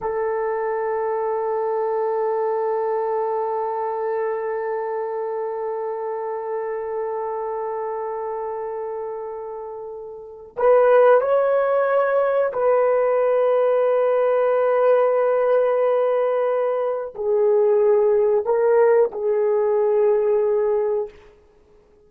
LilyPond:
\new Staff \with { instrumentName = "horn" } { \time 4/4 \tempo 4 = 91 a'1~ | a'1~ | a'1~ | a'1 |
b'4 cis''2 b'4~ | b'1~ | b'2 gis'2 | ais'4 gis'2. | }